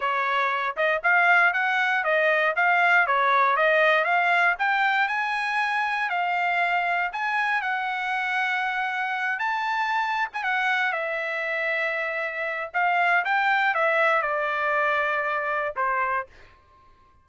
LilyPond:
\new Staff \with { instrumentName = "trumpet" } { \time 4/4 \tempo 4 = 118 cis''4. dis''8 f''4 fis''4 | dis''4 f''4 cis''4 dis''4 | f''4 g''4 gis''2 | f''2 gis''4 fis''4~ |
fis''2~ fis''8 a''4.~ | a''16 gis''16 fis''4 e''2~ e''8~ | e''4 f''4 g''4 e''4 | d''2. c''4 | }